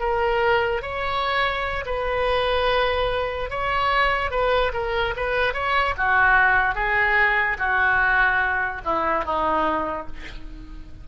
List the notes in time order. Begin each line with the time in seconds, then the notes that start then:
0.00 A#4
0.82 C#5
1.86 B4
3.50 C#5
4.31 B4
4.74 A#4
5.17 B4
5.54 C#5
5.97 F#4
6.75 G#4
7.58 F#4
8.85 E4
9.25 D#4